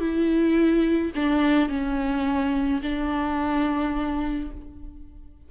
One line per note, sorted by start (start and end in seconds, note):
0.00 1.12 E4
1.15 1.69 D4
1.69 2.81 C#4
2.82 4.51 D4